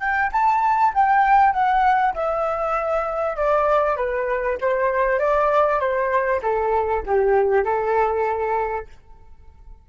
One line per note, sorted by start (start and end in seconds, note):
0.00 0.31 G5
0.32 0.93 A5
0.94 1.53 G5
1.53 2.14 F#5
2.14 3.36 E5
3.36 3.96 D5
3.96 4.57 B4
4.61 5.19 C5
5.19 5.80 D5
5.80 6.41 C5
6.42 7.04 A4
7.06 7.64 G4
7.64 8.87 A4